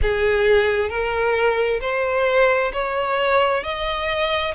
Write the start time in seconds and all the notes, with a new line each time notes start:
0.02 G#4
0.89 A#4
1.81 C5
2.73 C#5
3.63 D#5